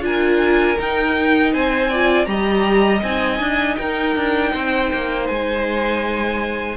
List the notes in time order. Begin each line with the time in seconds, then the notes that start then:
0.00 D4 F4 A#4 G#5
0.78 D#4 G5
1.53 C4 C5 G#5
1.90 F4 D5
2.25 G3 G4 D#5 A#5
3.02 C4 D#4 G#5
3.39 D4
3.76 D#4 A#4 G5
4.15 D4
4.52 C4 C5
4.93 A#3
5.27 G#3 G#5